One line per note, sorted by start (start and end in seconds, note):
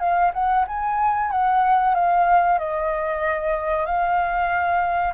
0.00 0.32 F5
0.34 0.66 F#5
0.68 1.31 G#5
1.31 1.95 F#5
1.95 2.59 F5
2.59 3.86 D#5
3.86 5.14 F5